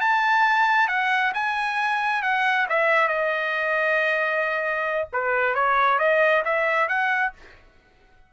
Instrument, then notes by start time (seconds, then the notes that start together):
trumpet
0.00 A5
0.87 F#5
1.34 G#5
2.22 F#5
2.69 E5
3.07 D#5
5.13 B4
5.55 C#5
5.98 D#5
6.44 E5
6.88 F#5